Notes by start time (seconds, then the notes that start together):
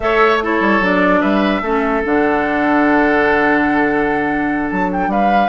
0.00 A3 A4 C#5 E5
0.41 E4 A4 C#5
0.60 G3
0.80 F#3 D4 D5
1.20 G3 B4 E5
1.61 A3 C#4 A4
2.03 D3 D4 F#5
4.70 F#3 A5
4.92 G5
5.07 G3 B4 F5